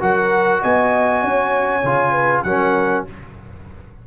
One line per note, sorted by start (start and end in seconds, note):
0.00 0.62 F#3
0.00 1.82 F#4
0.00 0.61 A#4
0.00 0.62 F#5
0.61 1.23 B3
0.61 1.22 D#5
0.61 2.43 G#5
1.22 1.83 C#4
1.22 2.11 C#5
1.83 2.43 C#3
1.83 2.46 F4
2.11 2.42 B4
2.43 3.04 F#3
2.43 3.06 C#4
2.43 3.06 A#4
2.43 3.04 F#5